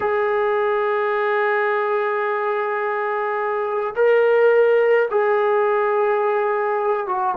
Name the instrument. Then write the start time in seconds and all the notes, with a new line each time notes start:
trombone
0.00 G#4
3.95 A#4
5.10 G#4
7.07 F#4